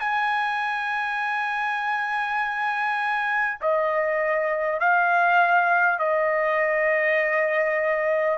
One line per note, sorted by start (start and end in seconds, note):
0.00 3.60 G#5
3.61 4.79 D#5
4.79 5.99 F5
5.99 8.38 D#5